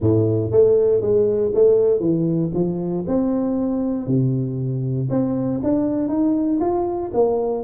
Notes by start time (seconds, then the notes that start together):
0.00 A2
0.51 A3
1.01 G#3
1.54 A3
2.00 E3
2.54 F3
3.07 C4
4.06 C3
5.10 C4
5.63 D4
6.08 D#4
6.60 F4
7.13 A#3